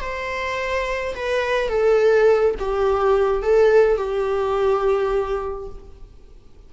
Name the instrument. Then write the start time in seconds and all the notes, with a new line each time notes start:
viola
0.00 C5
1.15 B4
1.69 A4
2.59 G4
3.42 A4
3.97 G4